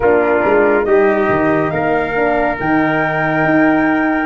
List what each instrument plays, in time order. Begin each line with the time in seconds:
0.00 tuba A#3, horn D4, trumpet F4, flute A#4
0.44 tuba G#3
0.83 tuba G3, horn D#4, trumpet G4, flute D#5
1.29 tuba D#3
1.70 tuba A#3, trumpet A#4, flute F5
2.15 horn D4
2.58 tuba D#3, horn D#4, flute G5
3.44 tuba D#4